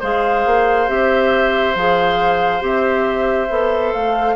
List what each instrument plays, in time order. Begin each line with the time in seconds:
0.00 bassoon G#3, clarinet G#4, oboe C5, flute F5
0.46 bassoon A#3
0.88 bassoon C4, clarinet G4, flute E5
1.75 bassoon F3, clarinet G#4, flute F5
2.60 bassoon C4, clarinet G4, flute E5
3.50 bassoon B3, clarinet A4
3.93 bassoon A3, flute F5